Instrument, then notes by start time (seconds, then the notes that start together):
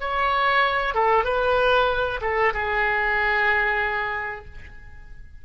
oboe
0.00 C#5
0.94 A4
1.24 B4
2.21 A4
2.54 G#4